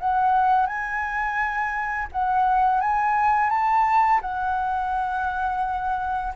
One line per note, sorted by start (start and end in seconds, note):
0.00 0.67 F#5
0.67 2.08 G#5
2.12 2.81 F#5
2.81 3.50 G#5
3.50 4.21 A5
4.22 6.33 F#5